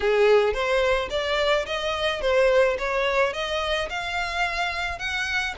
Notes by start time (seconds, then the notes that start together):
0.00 G#4
0.53 C5
1.10 D5
1.66 D#5
2.21 C5
2.78 C#5
3.33 D#5
3.89 F5
4.98 F#5